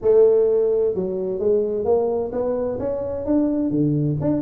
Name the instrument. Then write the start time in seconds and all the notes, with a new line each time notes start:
tuba
0.01 A3
0.94 F#3
1.39 G#3
1.84 A#3
2.32 B3
2.79 C#4
3.25 D4
3.70 D3
4.20 D4